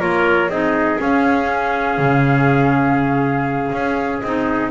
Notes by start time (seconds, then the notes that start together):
0.00 A#3 F4 A#4 C#5
0.48 C4 D#4 G#4 D#5
0.99 C#4 F5
1.98 C#3
3.72 C#4
4.21 C4 D#4 D#5